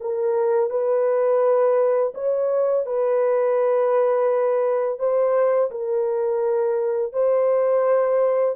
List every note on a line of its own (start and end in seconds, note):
0.00 0.69 A#4
0.69 2.12 B4
2.14 2.86 C#5
2.86 4.99 B4
4.99 5.70 C5
5.71 7.13 A#4
7.13 8.55 C5